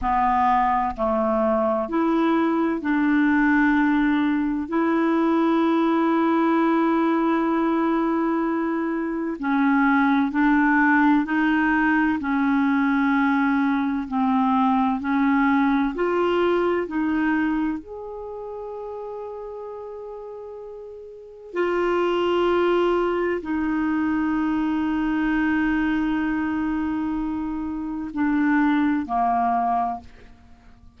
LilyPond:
\new Staff \with { instrumentName = "clarinet" } { \time 4/4 \tempo 4 = 64 b4 a4 e'4 d'4~ | d'4 e'2.~ | e'2 cis'4 d'4 | dis'4 cis'2 c'4 |
cis'4 f'4 dis'4 gis'4~ | gis'2. f'4~ | f'4 dis'2.~ | dis'2 d'4 ais4 | }